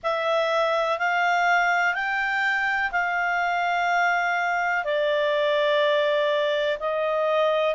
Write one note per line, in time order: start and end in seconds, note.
0.03 0.99 E5
0.99 1.94 F5
1.94 2.91 G5
2.91 4.84 F5
4.84 6.77 D5
6.79 7.75 D#5